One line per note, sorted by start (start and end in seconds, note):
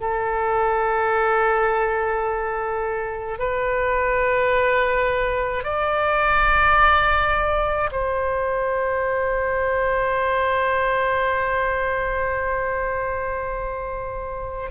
0.00 3.39 A4
3.39 5.63 B4
5.63 7.90 D5
7.92 14.71 C5